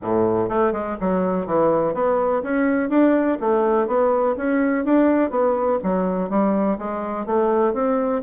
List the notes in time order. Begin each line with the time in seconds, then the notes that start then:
0.02 A2
0.49 A3
0.72 G#3
1.00 F#3
1.46 E3
1.94 B3
2.43 C#4
2.89 D4
3.40 A3
3.87 B3
4.37 C#4
4.85 D4
5.30 B3
5.83 F#3
6.29 G3
6.78 G#3
7.25 A3
7.73 C4